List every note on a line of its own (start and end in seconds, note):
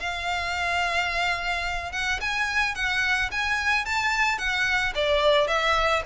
0.00 1.93 F5
1.93 2.20 F#5
2.21 2.75 G#5
2.75 3.31 F#5
3.32 3.86 G#5
3.86 4.38 A5
4.38 4.93 F#5
4.95 5.48 D5
5.48 6.03 E5